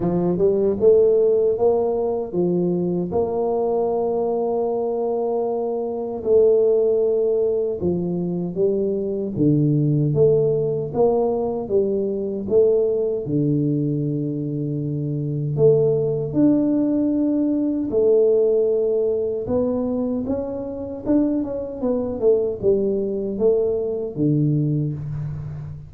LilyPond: \new Staff \with { instrumentName = "tuba" } { \time 4/4 \tempo 4 = 77 f8 g8 a4 ais4 f4 | ais1 | a2 f4 g4 | d4 a4 ais4 g4 |
a4 d2. | a4 d'2 a4~ | a4 b4 cis'4 d'8 cis'8 | b8 a8 g4 a4 d4 | }